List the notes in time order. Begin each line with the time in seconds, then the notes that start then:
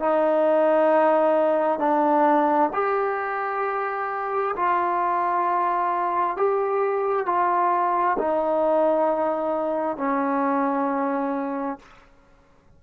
0.00 D#4
1.79 D4
2.74 G4
4.57 F4
6.37 G4
7.26 F4
8.19 D#4
9.98 C#4